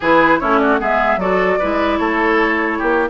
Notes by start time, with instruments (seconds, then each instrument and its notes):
0.00 bassoon E3, clarinet E4, oboe G#4, flute B4
0.39 bassoon A3, clarinet C#4, oboe E4, flute C#5
0.58 oboe F#4, flute D5
0.78 bassoon G#3, clarinet B3, oboe G#4, flute E5
1.17 bassoon F#3, clarinet F#4, oboe A4, flute D5
1.58 bassoon G#3, clarinet E4, oboe B4
1.97 bassoon A3, oboe A4, flute C#5
2.78 bassoon A#3, oboe G4